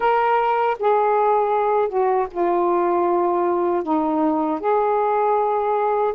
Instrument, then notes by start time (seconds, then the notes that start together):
saxophone
0.00 A#4
0.79 G#4
1.88 F#4
2.31 F4
3.83 D#4
4.60 G#4